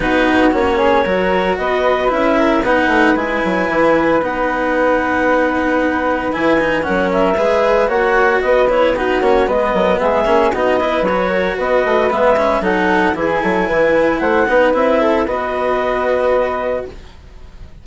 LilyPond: <<
  \new Staff \with { instrumentName = "clarinet" } { \time 4/4 \tempo 4 = 114 b'4 cis''2 dis''4 | e''4 fis''4 gis''2 | fis''1 | gis''4 fis''8 e''4. fis''4 |
dis''8 cis''8 b'8 cis''8 dis''4 e''4 | dis''4 cis''4 dis''4 e''4 | fis''4 gis''2 fis''4 | e''4 dis''2. | }
  \new Staff \with { instrumentName = "flute" } { \time 4/4 fis'4. gis'8 ais'4 b'4~ | b'8 ais'8 b'2.~ | b'1~ | b'4 ais'4 b'4 cis''4 |
b'4 fis'4 b'8 ais'8 gis'4 | fis'8 b'4 ais'8 b'2 | a'4 gis'8 a'8 b'4 c''8 b'8~ | b'8 a'8 b'2. | }
  \new Staff \with { instrumentName = "cello" } { \time 4/4 dis'4 cis'4 fis'2 | e'4 dis'4 e'2 | dis'1 | e'8 dis'8 cis'4 gis'4 fis'4~ |
fis'8 e'8 dis'8 cis'8 b4. cis'8 | dis'8 e'8 fis'2 b8 cis'8 | dis'4 e'2~ e'8 dis'8 | e'4 fis'2. | }
  \new Staff \with { instrumentName = "bassoon" } { \time 4/4 b4 ais4 fis4 b4 | cis'4 b8 a8 gis8 fis8 e4 | b1 | e4 fis4 gis4 ais4 |
b4. ais8 gis8 fis8 gis8 ais8 | b4 fis4 b8 a8 gis4 | fis4 e8 fis8 e4 a8 b8 | c'4 b2. | }
>>